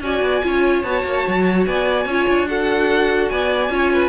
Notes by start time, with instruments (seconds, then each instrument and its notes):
0.00 cello C#4, viola F#4, violin D5 G#5
0.21 cello B3
0.42 cello C#4, viola F4, violin C#5
0.81 cello B3, viola F#4, violin A5
1.04 cello A#3
1.27 cello F#3
1.66 cello B3, violin D5 G#5
2.05 cello C#4, viola F4, violin C#5
2.28 cello D4
2.46 viola F#4, violin A4 F#5
3.29 cello B3, violin D5 G#5
3.69 cello C#4, viola F4, violin C#5
3.93 violin B4